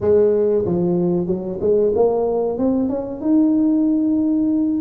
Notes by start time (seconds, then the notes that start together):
0.00 G#3
0.65 F3
1.26 F#3
1.60 G#3
1.95 A#3
2.58 C4
2.89 C#4
3.20 D#4